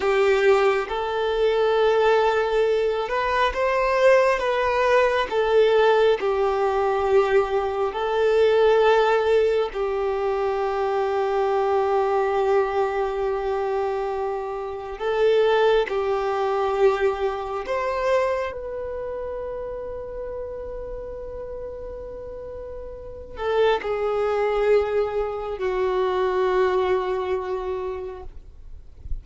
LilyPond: \new Staff \with { instrumentName = "violin" } { \time 4/4 \tempo 4 = 68 g'4 a'2~ a'8 b'8 | c''4 b'4 a'4 g'4~ | g'4 a'2 g'4~ | g'1~ |
g'4 a'4 g'2 | c''4 b'2.~ | b'2~ b'8 a'8 gis'4~ | gis'4 fis'2. | }